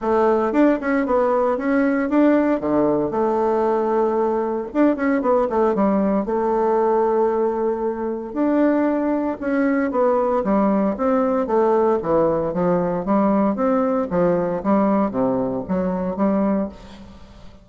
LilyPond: \new Staff \with { instrumentName = "bassoon" } { \time 4/4 \tempo 4 = 115 a4 d'8 cis'8 b4 cis'4 | d'4 d4 a2~ | a4 d'8 cis'8 b8 a8 g4 | a1 |
d'2 cis'4 b4 | g4 c'4 a4 e4 | f4 g4 c'4 f4 | g4 c4 fis4 g4 | }